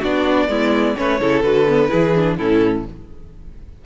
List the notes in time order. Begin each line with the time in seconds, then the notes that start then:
0.00 B3 D4 F#4 D5
0.48 G#3 B3 E4
0.97 A3 C#4 B4 C#5
1.21 C#3 E4 A4
1.42 D3 F#4 B4
1.68 B3
1.88 E3 E4 G#4
2.16 D4
2.38 A2 C#4 E4 A4